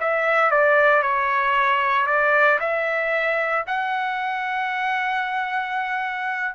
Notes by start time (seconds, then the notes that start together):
0.00 E5
0.51 D5
1.03 C#5
2.06 D5
2.60 E5
3.67 F#5